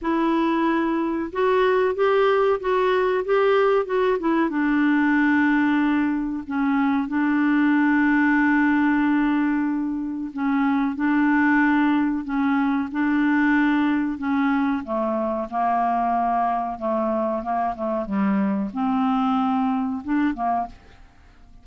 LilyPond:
\new Staff \with { instrumentName = "clarinet" } { \time 4/4 \tempo 4 = 93 e'2 fis'4 g'4 | fis'4 g'4 fis'8 e'8 d'4~ | d'2 cis'4 d'4~ | d'1 |
cis'4 d'2 cis'4 | d'2 cis'4 a4 | ais2 a4 ais8 a8 | g4 c'2 d'8 ais8 | }